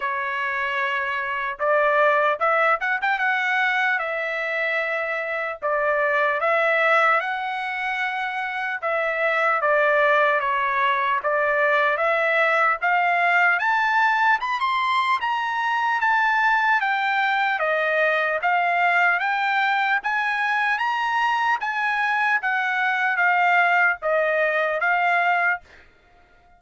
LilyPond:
\new Staff \with { instrumentName = "trumpet" } { \time 4/4 \tempo 4 = 75 cis''2 d''4 e''8 fis''16 g''16 | fis''4 e''2 d''4 | e''4 fis''2 e''4 | d''4 cis''4 d''4 e''4 |
f''4 a''4 b''16 c'''8. ais''4 | a''4 g''4 dis''4 f''4 | g''4 gis''4 ais''4 gis''4 | fis''4 f''4 dis''4 f''4 | }